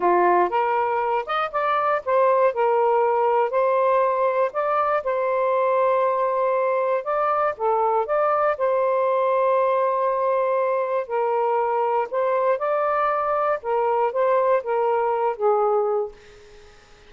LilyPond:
\new Staff \with { instrumentName = "saxophone" } { \time 4/4 \tempo 4 = 119 f'4 ais'4. dis''8 d''4 | c''4 ais'2 c''4~ | c''4 d''4 c''2~ | c''2 d''4 a'4 |
d''4 c''2.~ | c''2 ais'2 | c''4 d''2 ais'4 | c''4 ais'4. gis'4. | }